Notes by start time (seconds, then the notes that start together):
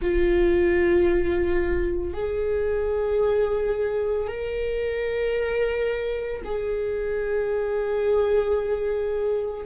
0.01 F4
2.13 G#4
4.27 A#4
6.44 G#4